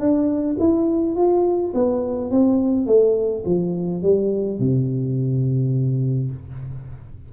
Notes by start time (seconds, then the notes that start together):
0.00 D4
0.59 E4
1.16 F4
1.74 B3
2.31 C4
2.87 A3
3.46 F3
4.03 G3
4.60 C3